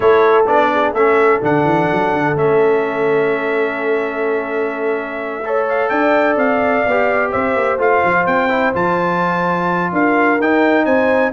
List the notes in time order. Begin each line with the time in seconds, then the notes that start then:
0.00 A3 E4 A4 C#5
0.46 B3 D4 D5
0.72 G#4
0.92 A3 C#4 A4 E5
1.42 D3 D4 F#5
1.64 E3
1.92 F#3
2.12 D3
2.35 A3 C#4 E5
5.45 A4 C#5
5.69 F5
5.88 D4 D5 G5
6.36 C4 F5
6.86 B3 G4
7.31 C4 C5 E5
7.55 A#3
7.78 A3 F4 F5
8.04 F3
8.26 C4 G5
8.49 E4
8.73 F3 F4 A5
9.92 D4 A#4 F5
10.39 D#4 G5
10.85 C4 C5 G#5